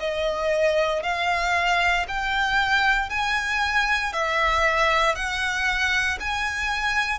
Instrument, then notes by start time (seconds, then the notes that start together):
violin
0.00 D#5
1.03 F5
2.08 G5
3.10 G#5
4.13 E5
5.15 F#5
6.20 G#5